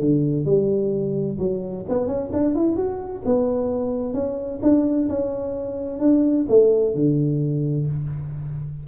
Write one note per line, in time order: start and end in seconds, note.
0.00 0.45 D3
0.45 1.37 G3
1.39 1.85 F#3
1.89 2.07 B3
2.07 2.30 C#4
2.33 2.54 D4
2.54 2.76 E4
2.76 3.22 F#4
3.25 4.14 B3
4.14 4.60 C#4
4.62 5.08 D4
5.09 6.00 C#4
6.00 6.46 D4
6.49 6.95 A3
6.95 7.87 D3